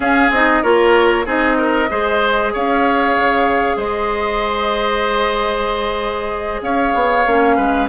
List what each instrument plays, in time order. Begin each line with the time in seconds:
0.00 bassoon C#4, clarinet C#4, oboe G#4, flute F5
0.30 bassoon C4, clarinet D#4, flute D#5
0.62 bassoon A#3, clarinet F4, oboe A#4, flute C#5
1.25 bassoon C4, clarinet D#4, oboe G#4, flute D#5
1.58 oboe A#4
1.89 bassoon G#3, clarinet G#4, oboe C5
2.53 bassoon C#4, oboe C#5, flute F5
3.16 bassoon C#3
3.76 bassoon G#3, oboe C5, flute D#5
6.61 bassoon C#4, oboe C#5, flute F5
6.94 bassoon B3
7.26 bassoon A#3, clarinet C#4
7.56 bassoon G#3, oboe B4